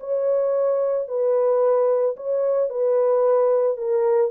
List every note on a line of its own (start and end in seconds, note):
0.00 1.08 C#5
1.08 2.16 B4
2.16 2.70 C#5
2.70 3.77 B4
3.77 4.31 A#4